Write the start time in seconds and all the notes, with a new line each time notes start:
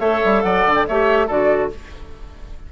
0.00 A3 A4 C#5 E5
0.25 G3
0.42 F#3 D5 F#5
0.66 D3
0.75 G5
0.88 A3 G4 C#5 E5
1.27 D3 F#4 A4 D5